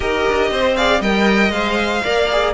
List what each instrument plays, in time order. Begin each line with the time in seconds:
0.00 cello D#4, viola G4, violin A#4 D#5
0.28 cello D4
0.51 cello C4, violin C5
0.76 viola G#4, violin D5 F5
1.00 cello G3, viola A#4, violin D#5 G5
1.49 cello G#3, viola C5, violin F5
2.03 cello A#3, viola A#4, violin D5
2.31 viola G#4